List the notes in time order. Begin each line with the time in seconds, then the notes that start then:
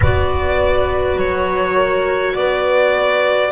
0.00 B3 F#4 B4 D5
1.15 F#3 C#5
1.76 A#4
2.34 B3 B4 D5